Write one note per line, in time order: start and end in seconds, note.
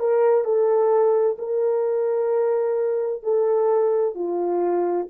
0.00 0.45 A#4
0.45 1.37 A4
1.39 3.23 A#4
3.23 4.15 A4
4.15 5.08 F4